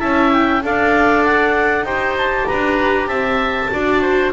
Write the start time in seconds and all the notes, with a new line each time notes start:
0.00 C#4 E4 E5 A5
0.32 G5
0.62 D4 A4 D5 F5
1.24 F#5
1.84 D#4 G4 C5 G5
2.17 A5
2.48 D4 B4 A#5
3.08 C4 E5 A5
3.72 D4 F#4 D5
4.02 C5